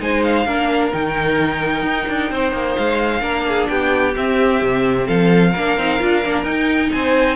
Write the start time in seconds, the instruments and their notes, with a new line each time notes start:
0.00 cello G#3, viola D#4, violin C5 G#5
0.23 violin F5
0.46 cello A#3, viola D4, violin A#4
0.92 cello D#3, viola D#4, violin G5
1.82 cello D#4
2.08 cello D4
2.30 cello C4, violin C5
2.52 cello A#3
2.76 cello G#3, violin F5
3.21 cello A#3, viola D4, violin A#4
3.48 violin G#4
3.68 cello B3, violin G4 G5
4.16 viola C4, cello C4, violin E5
4.62 cello C3
5.06 cello F3, violin A4 F5
5.50 violin A#4
5.56 cello A#3, viola D4
5.77 cello C4, viola D#4
5.99 cello D4, viola F4
6.25 cello A#3, viola D4
6.43 cello D#4, viola D#4, violin G5
6.92 cello C4, violin C5 G#5